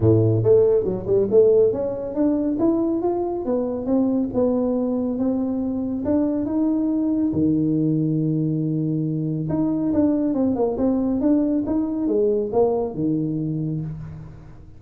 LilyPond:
\new Staff \with { instrumentName = "tuba" } { \time 4/4 \tempo 4 = 139 a,4 a4 fis8 g8 a4 | cis'4 d'4 e'4 f'4 | b4 c'4 b2 | c'2 d'4 dis'4~ |
dis'4 dis2.~ | dis2 dis'4 d'4 | c'8 ais8 c'4 d'4 dis'4 | gis4 ais4 dis2 | }